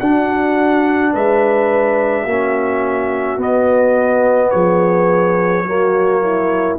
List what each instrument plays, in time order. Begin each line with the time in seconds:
0.00 tuba D4, trombone D4, horn F#4, trumpet F#5
1.12 tuba G#3, horn B4, trumpet E5
2.22 tuba A#3, horn F#4
2.29 trombone C#4
3.37 tuba B3, trombone B3, trumpet D#5
4.51 tuba F3, horn G#4, trumpet C#5
5.63 tuba F#3, trombone A#3, horn F#4
6.22 horn E4